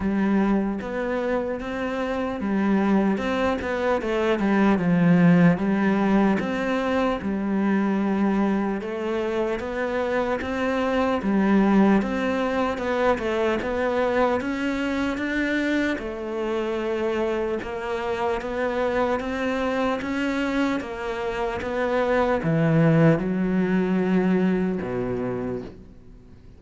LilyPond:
\new Staff \with { instrumentName = "cello" } { \time 4/4 \tempo 4 = 75 g4 b4 c'4 g4 | c'8 b8 a8 g8 f4 g4 | c'4 g2 a4 | b4 c'4 g4 c'4 |
b8 a8 b4 cis'4 d'4 | a2 ais4 b4 | c'4 cis'4 ais4 b4 | e4 fis2 b,4 | }